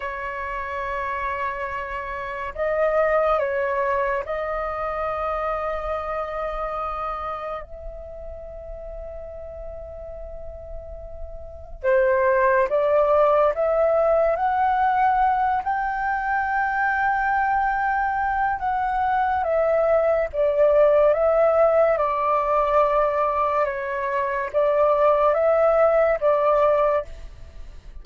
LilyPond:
\new Staff \with { instrumentName = "flute" } { \time 4/4 \tempo 4 = 71 cis''2. dis''4 | cis''4 dis''2.~ | dis''4 e''2.~ | e''2 c''4 d''4 |
e''4 fis''4. g''4.~ | g''2 fis''4 e''4 | d''4 e''4 d''2 | cis''4 d''4 e''4 d''4 | }